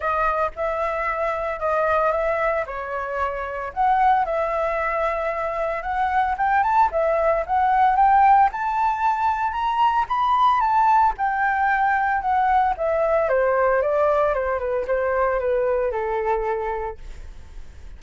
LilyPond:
\new Staff \with { instrumentName = "flute" } { \time 4/4 \tempo 4 = 113 dis''4 e''2 dis''4 | e''4 cis''2 fis''4 | e''2. fis''4 | g''8 a''8 e''4 fis''4 g''4 |
a''2 ais''4 b''4 | a''4 g''2 fis''4 | e''4 c''4 d''4 c''8 b'8 | c''4 b'4 a'2 | }